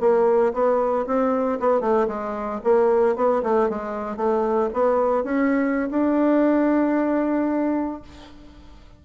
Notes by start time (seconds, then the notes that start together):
0.00 A#3
0.53 B3
1.06 C4
1.60 B3
1.80 A3
2.08 G#3
2.64 A#3
3.16 B3
3.43 A3
3.69 G#3
4.17 A3
4.73 B3
5.24 C#4
5.91 D4